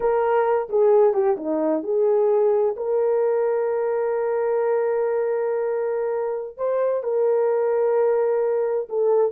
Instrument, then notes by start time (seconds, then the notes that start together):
horn
0.00 A#4
0.69 G#4
1.13 G4
1.37 D#4
1.83 G#4
2.76 A#4
6.57 C5
7.03 A#4
8.89 A4